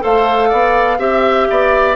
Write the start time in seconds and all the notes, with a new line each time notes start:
0.00 A3 A4 C5 F5
0.49 B3 D5
0.99 C4 G4 E5
1.50 B3 D5